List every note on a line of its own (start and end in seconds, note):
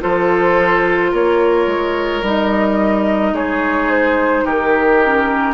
0.00 1.12 F3
0.00 2.22 F4
0.00 1.11 A4
0.00 1.13 C5
1.11 1.67 A#3
1.11 3.33 A#4
1.11 2.25 C#5
1.67 2.22 G#3
2.22 3.32 G3
2.22 5.03 D#4
2.22 3.35 D#5
3.32 4.43 G#3
3.32 4.45 G#4
3.32 3.91 C#5
3.91 4.46 C5
4.45 5.54 D#3
4.45 5.54 G4
4.45 5.54 A#4
5.04 5.54 C#4